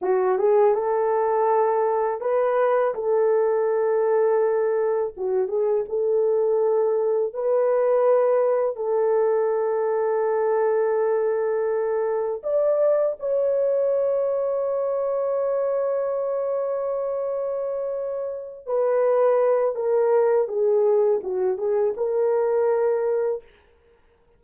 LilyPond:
\new Staff \with { instrumentName = "horn" } { \time 4/4 \tempo 4 = 82 fis'8 gis'8 a'2 b'4 | a'2. fis'8 gis'8 | a'2 b'2 | a'1~ |
a'4 d''4 cis''2~ | cis''1~ | cis''4. b'4. ais'4 | gis'4 fis'8 gis'8 ais'2 | }